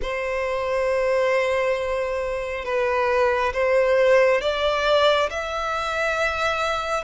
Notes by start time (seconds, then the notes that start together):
0.02 C5
2.64 B4
3.53 C5
4.41 D5
5.29 E5